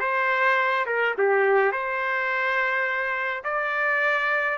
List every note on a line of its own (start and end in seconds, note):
0.00 0.86 C5
0.86 1.15 A#4
1.18 1.72 G4
1.72 3.44 C5
3.44 4.58 D5